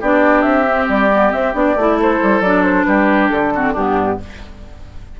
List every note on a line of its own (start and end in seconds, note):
0.00 0.44 B3
0.00 0.66 D4
0.00 1.98 G4
0.00 0.41 D5
0.41 0.88 C4
0.41 0.86 E5
0.66 1.10 C4
0.88 1.33 G3
0.88 1.32 D5
1.12 1.31 B3
1.31 1.53 C4
1.31 1.54 C4
1.31 1.55 E5
1.53 1.75 B3
1.53 1.75 D4
1.53 1.99 D5
1.75 2.19 A3
1.75 2.44 E4
1.98 2.86 A4
1.98 2.41 C5
2.22 2.40 G3
2.40 2.84 F#3
2.40 3.54 D4
2.40 2.63 D5
2.63 2.84 C5
2.84 3.31 G3
2.84 3.53 G4
2.84 3.28 B4
3.28 3.75 D3
3.28 3.73 A4
3.54 3.76 C4
3.54 3.72 F#4
3.72 4.19 G2
3.72 4.20 B3
3.72 4.16 D4
3.72 4.19 G4